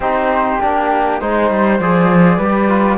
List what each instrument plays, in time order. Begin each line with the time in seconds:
0.00 cello C4, trombone D#4, flute G4 C5
0.60 cello A#3, trombone D4, flute G4
1.20 cello G#3, trombone D#4, flute C5
1.50 cello G3
1.79 cello F3, trombone G#4, flute D5
2.37 cello G3, flute B4
2.44 trombone G4
2.68 trombone F4